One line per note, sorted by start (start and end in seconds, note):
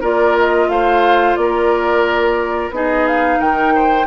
0.00 0.68 A#3
0.00 2.71 F4
0.00 0.67 A#4
0.00 0.37 D5
0.38 0.69 D#5
0.68 1.35 A3
0.68 1.38 C5
0.68 1.35 F5
1.35 2.70 A#3
1.35 2.75 A#4
1.35 2.70 D5
2.70 3.37 B3
2.70 4.06 D#4
2.70 3.39 G#4
2.70 3.07 D#5
3.07 3.40 F5
3.39 4.06 D#3
3.39 3.72 A#4
3.39 4.06 G5
3.75 4.06 C5